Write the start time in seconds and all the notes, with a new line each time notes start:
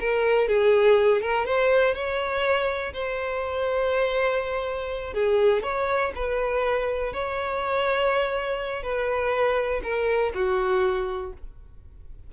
0.00 A#4
0.48 G#4
1.22 A#4
1.46 C5
1.94 C#5
2.94 C5
5.14 G#4
5.63 C#5
6.15 B4
7.13 C#5
8.83 B4
9.83 A#4
10.34 F#4